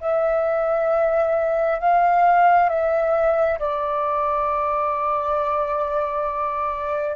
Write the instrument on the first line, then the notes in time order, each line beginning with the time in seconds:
flute
0.00 E5
1.79 F5
2.69 E5
3.59 D5